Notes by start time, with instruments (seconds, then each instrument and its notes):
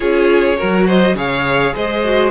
0.00 cello C#4, viola F4, violin G#4 C#5
0.57 cello F#3, viola F#4, violin A#4
0.86 violin C5 D#5
1.14 cello C#3, viola G#4, violin C#5 F5
1.74 cello G#3, violin C5 D#5
2.04 viola F#4